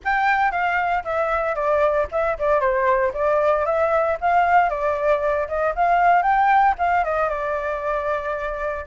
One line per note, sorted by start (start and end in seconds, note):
0.04 0.51 G5
0.51 1.03 F5
1.04 1.55 E5
1.55 2.07 D5
2.11 2.37 E5
2.38 2.60 D5
2.60 3.12 C5
3.13 3.65 D5
3.65 4.17 E5
4.20 4.69 F5
4.69 5.47 D5
5.48 5.74 D#5
5.75 6.22 F5
6.22 6.74 G5
6.78 7.04 F5
7.04 7.29 D#5
7.29 8.85 D5